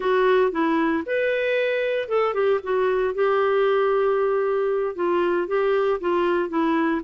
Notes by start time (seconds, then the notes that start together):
0.00 F#4
0.51 E4
1.06 B4
2.08 A4
2.34 G4
2.63 F#4
3.14 G4
4.95 F4
5.47 G4
6.00 F4
6.49 E4